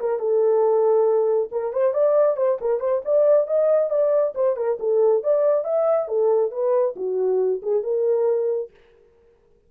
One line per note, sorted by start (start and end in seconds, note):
0.00 0.19 A#4
0.19 1.50 A4
1.51 1.73 A#4
1.73 1.93 C5
1.93 2.37 D5
2.37 2.58 C5
2.61 2.80 A#4
2.80 3.02 C5
3.05 3.47 D5
3.47 3.90 D#5
3.90 4.34 D5
4.35 4.56 C5
4.56 4.78 A#4
4.79 5.23 A4
5.23 5.64 D5
5.64 6.08 E5
6.08 6.51 A4
6.51 6.95 B4
6.96 7.61 F#4
7.62 7.83 G#4
7.83 8.70 A#4